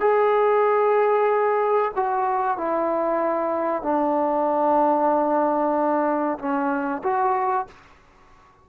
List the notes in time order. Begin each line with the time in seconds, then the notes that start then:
0.00 G#4
1.95 F#4
2.57 E4
3.82 D4
6.38 C#4
7.03 F#4